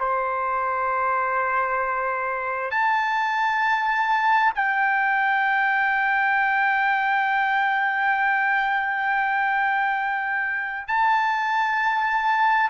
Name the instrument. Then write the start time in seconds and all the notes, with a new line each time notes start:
trumpet
0.00 C5
2.71 A5
4.55 G5
10.88 A5